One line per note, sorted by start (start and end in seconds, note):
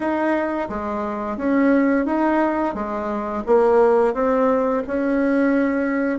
0.00 0.68 D#4
0.69 1.37 G#3
1.37 2.05 C#4
2.05 2.74 D#4
2.74 3.43 G#3
3.46 4.13 A#3
4.13 4.82 C4
4.87 6.18 C#4